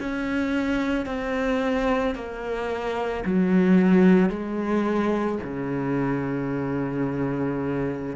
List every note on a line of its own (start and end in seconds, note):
0.00 1.07 C#4
1.07 2.15 C4
2.15 3.24 A#3
3.25 4.30 F#3
4.30 5.39 G#3
5.44 8.16 C#3